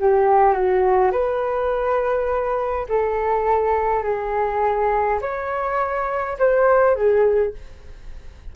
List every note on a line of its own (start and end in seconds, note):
0.00 0.53 G4
0.53 1.11 F#4
1.12 2.87 B4
2.89 4.04 A4
4.04 5.20 G#4
5.21 6.38 C#5
6.39 6.95 C5
6.95 7.54 G#4